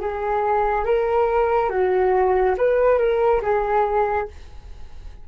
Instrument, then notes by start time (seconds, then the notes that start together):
flute
0.00 G#4
0.85 A#4
1.70 F#4
2.58 B4
2.99 A#4
3.42 G#4